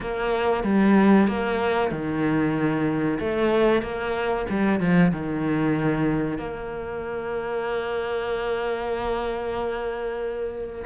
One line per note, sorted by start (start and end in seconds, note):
0.00 0.63 A#3
0.63 1.27 G3
1.27 1.91 A#3
1.91 3.19 D#3
3.19 3.82 A3
3.82 4.45 A#3
4.49 4.80 G3
4.80 5.12 F3
5.12 6.37 D#3
6.37 10.84 A#3